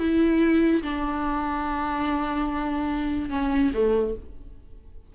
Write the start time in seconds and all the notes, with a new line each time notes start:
0.00 E4
0.83 D4
3.30 C#4
3.74 A3